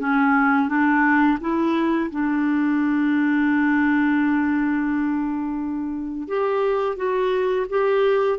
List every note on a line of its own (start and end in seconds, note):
0.00 0.68 C#4
0.68 1.38 D4
1.40 2.10 E4
2.11 6.28 D4
6.28 6.97 G4
6.97 7.66 F#4
7.70 8.39 G4